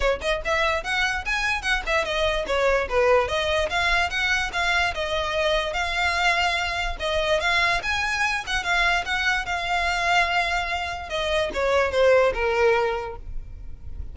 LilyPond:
\new Staff \with { instrumentName = "violin" } { \time 4/4 \tempo 4 = 146 cis''8 dis''8 e''4 fis''4 gis''4 | fis''8 e''8 dis''4 cis''4 b'4 | dis''4 f''4 fis''4 f''4 | dis''2 f''2~ |
f''4 dis''4 f''4 gis''4~ | gis''8 fis''8 f''4 fis''4 f''4~ | f''2. dis''4 | cis''4 c''4 ais'2 | }